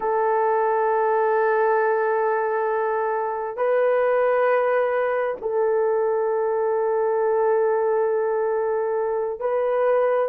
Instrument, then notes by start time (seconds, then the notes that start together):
horn
0.00 A4
3.57 B4
5.41 A4
9.39 B4